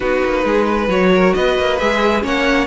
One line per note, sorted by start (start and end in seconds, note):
0.00 0.23 B3
0.00 0.89 D#4
0.00 0.44 F#4
0.00 0.88 B4
0.24 0.44 A#3
0.44 0.88 G#3
0.44 0.65 G#4
0.65 1.10 B4
0.88 1.33 F#3
0.88 1.80 F#4
0.88 1.33 C#5
1.13 1.36 A#4
1.33 1.58 B3
1.33 2.23 B4
1.33 1.78 D#5
1.58 1.80 A#3
1.78 2.23 G#3
1.78 2.21 G#4
1.78 2.23 E5
2.21 2.66 A#3
2.21 2.66 C#4
2.21 2.66 C#5
2.21 2.66 F#5